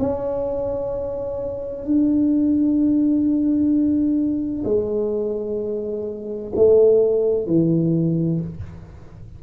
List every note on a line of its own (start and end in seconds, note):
0.00 1.85 C#4
1.85 4.65 D4
4.65 6.52 G#3
6.56 7.47 A3
7.47 8.41 E3